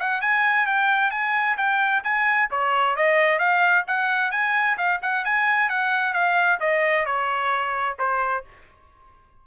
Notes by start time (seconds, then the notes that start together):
0.00 F#5
0.22 G#5
0.67 G5
1.11 G#5
1.58 G5
2.04 G#5
2.51 C#5
2.96 D#5
3.39 F5
3.87 F#5
4.32 G#5
4.78 F5
5.02 F#5
5.25 G#5
5.70 F#5
6.14 F5
6.61 D#5
7.06 C#5
7.99 C5